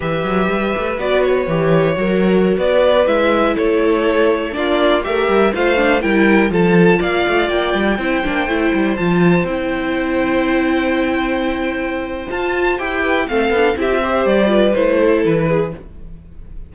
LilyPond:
<<
  \new Staff \with { instrumentName = "violin" } { \time 4/4 \tempo 4 = 122 e''2 d''8 cis''4.~ | cis''4~ cis''16 d''4 e''4 cis''8.~ | cis''4~ cis''16 d''4 e''4 f''8.~ | f''16 g''4 a''4 f''4 g''8.~ |
g''2~ g''16 a''4 g''8.~ | g''1~ | g''4 a''4 g''4 f''4 | e''4 d''4 c''4 b'4 | }
  \new Staff \with { instrumentName = "violin" } { \time 4/4 b'1 | ais'4~ ais'16 b'2 a'8.~ | a'4~ a'16 f'4 ais'4 c''8.~ | c''16 ais'4 a'4 d''4.~ d''16~ |
d''16 c''2.~ c''8.~ | c''1~ | c''2~ c''8 b'8 a'4 | g'8 c''4 b'4 a'4 gis'8 | }
  \new Staff \with { instrumentName = "viola" } { \time 4/4 g'2 fis'4 g'4 | fis'2~ fis'16 e'4.~ e'16~ | e'4~ e'16 d'4 g'4 f'8 d'16~ | d'16 e'4 f'2~ f'8.~ |
f'16 e'8 d'8 e'4 f'4 e'8.~ | e'1~ | e'4 f'4 g'4 c'8 d'8 | e'16 f'16 g'4 f'8 e'2 | }
  \new Staff \with { instrumentName = "cello" } { \time 4/4 e8 fis8 g8 a8 b4 e4 | fis4~ fis16 b4 gis4 a8.~ | a4~ a16 ais4 a8 g8 a8.~ | a16 g4 f4 ais8 a8 ais8 g16~ |
g16 c'8 ais8 a8 g8 f4 c'8.~ | c'1~ | c'4 f'4 e'4 a8 b8 | c'4 g4 a4 e4 | }
>>